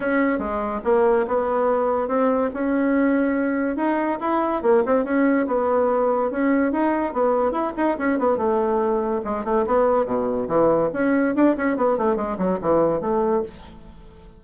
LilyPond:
\new Staff \with { instrumentName = "bassoon" } { \time 4/4 \tempo 4 = 143 cis'4 gis4 ais4 b4~ | b4 c'4 cis'2~ | cis'4 dis'4 e'4 ais8 c'8 | cis'4 b2 cis'4 |
dis'4 b4 e'8 dis'8 cis'8 b8 | a2 gis8 a8 b4 | b,4 e4 cis'4 d'8 cis'8 | b8 a8 gis8 fis8 e4 a4 | }